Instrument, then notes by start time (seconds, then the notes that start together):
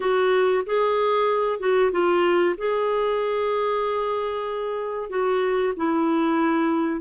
clarinet
0.00 F#4
0.66 G#4
1.59 F#4
1.91 F4
2.57 G#4
5.09 F#4
5.76 E4